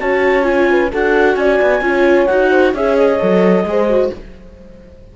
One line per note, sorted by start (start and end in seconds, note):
0.00 0.93 C#4
0.00 0.43 F#4
0.00 0.70 C#5
0.00 0.44 A5
0.43 0.89 F4
0.43 0.90 G#5
0.70 0.92 B4
0.92 1.37 D4
0.92 1.82 F#4
0.92 1.38 A4
0.92 1.36 F#5
1.36 1.60 C#4
1.36 1.85 D5
1.36 2.27 G#5
1.62 1.81 B3
1.81 2.27 C#4
1.81 2.28 F4
1.81 2.51 C#5
2.27 2.74 D#4
2.27 2.75 F#4
2.27 2.72 F#5
2.51 2.73 C5
2.74 3.20 C#4
2.74 3.21 G#4
2.74 3.67 C#5
2.74 2.96 E5
2.96 4.10 D#5
3.21 3.64 F#3
3.21 3.66 A4
3.64 4.10 G#3
3.64 3.90 G#4
3.70 4.16 C5
3.90 4.13 F#4